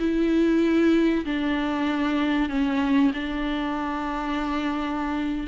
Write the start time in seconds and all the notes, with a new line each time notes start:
0.00 E4
1.26 D4
2.49 C#4
3.14 D4